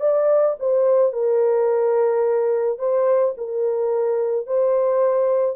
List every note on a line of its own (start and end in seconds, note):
0.00 0.56 D5
0.59 1.12 C5
1.12 2.78 A#4
2.78 3.34 C5
3.37 4.46 A#4
4.46 5.56 C5